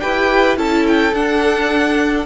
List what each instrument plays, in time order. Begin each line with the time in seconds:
0.00 cello E4, viola G4, violin B4 G5
0.57 cello C#4, viola E4, violin A4 A5
0.87 violin G5
1.14 viola D4, cello D4, violin F#5